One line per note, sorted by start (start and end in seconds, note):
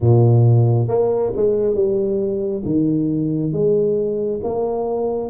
0.00 0.88 A#2
0.88 1.32 A#3
1.36 1.74 G#3
1.74 2.63 G3
2.65 3.52 D#3
3.52 4.40 G#3
4.43 5.29 A#3